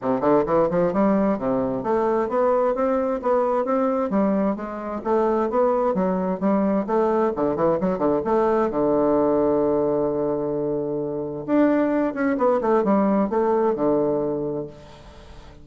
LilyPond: \new Staff \with { instrumentName = "bassoon" } { \time 4/4 \tempo 4 = 131 c8 d8 e8 f8 g4 c4 | a4 b4 c'4 b4 | c'4 g4 gis4 a4 | b4 fis4 g4 a4 |
d8 e8 fis8 d8 a4 d4~ | d1~ | d4 d'4. cis'8 b8 a8 | g4 a4 d2 | }